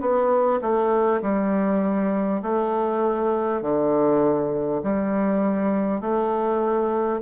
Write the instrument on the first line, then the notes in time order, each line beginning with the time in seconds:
bassoon
0.00 B3
0.61 A3
1.22 G3
2.42 A3
3.62 D3
4.83 G3
6.01 A3